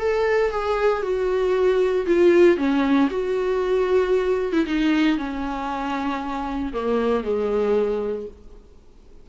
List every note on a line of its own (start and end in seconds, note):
0.00 0.51 A4
0.51 1.03 G#4
1.03 2.06 F#4
2.07 2.57 F4
2.57 3.09 C#4
3.11 4.53 F#4
4.53 4.66 E4
4.66 5.18 D#4
5.18 6.73 C#4
6.74 7.24 A#3
7.24 8.27 G#3